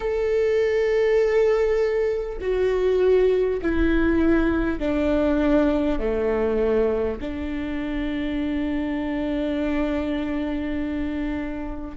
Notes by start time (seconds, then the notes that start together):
0.00 A4
2.40 F#4
3.62 E4
4.79 D4
5.99 A3
7.20 D4